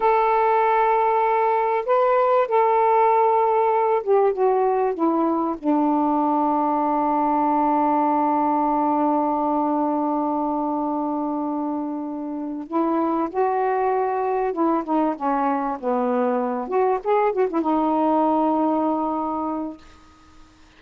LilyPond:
\new Staff \with { instrumentName = "saxophone" } { \time 4/4 \tempo 4 = 97 a'2. b'4 | a'2~ a'8 g'8 fis'4 | e'4 d'2.~ | d'1~ |
d'1~ | d'8 e'4 fis'2 e'8 | dis'8 cis'4 b4. fis'8 gis'8 | fis'16 e'16 dis'2.~ dis'8 | }